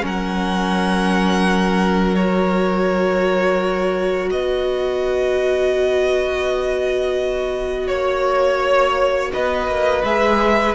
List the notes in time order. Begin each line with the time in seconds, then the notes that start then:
0.00 F#3 C#4 A#4 F#5
2.15 F#4 C#5
4.30 B3 B4 D#5
7.87 A#3 C#5
9.33 B3 B4 D#5
9.67 A#3
10.03 G#3 G#4 E5